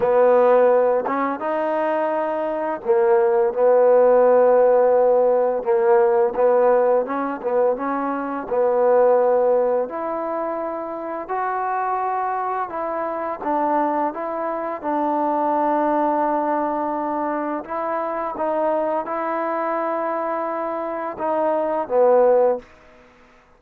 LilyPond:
\new Staff \with { instrumentName = "trombone" } { \time 4/4 \tempo 4 = 85 b4. cis'8 dis'2 | ais4 b2. | ais4 b4 cis'8 b8 cis'4 | b2 e'2 |
fis'2 e'4 d'4 | e'4 d'2.~ | d'4 e'4 dis'4 e'4~ | e'2 dis'4 b4 | }